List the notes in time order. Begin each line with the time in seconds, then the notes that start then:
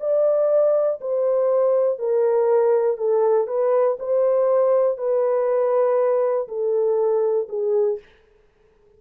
0.00 D5
1.01 C5
1.98 A#4
2.97 A4
3.47 B4
3.99 C5
4.98 B4
6.48 A4
7.48 G#4